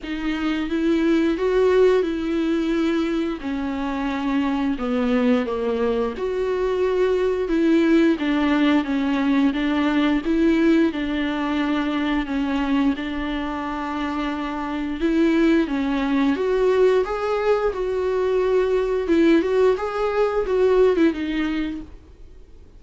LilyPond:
\new Staff \with { instrumentName = "viola" } { \time 4/4 \tempo 4 = 88 dis'4 e'4 fis'4 e'4~ | e'4 cis'2 b4 | ais4 fis'2 e'4 | d'4 cis'4 d'4 e'4 |
d'2 cis'4 d'4~ | d'2 e'4 cis'4 | fis'4 gis'4 fis'2 | e'8 fis'8 gis'4 fis'8. e'16 dis'4 | }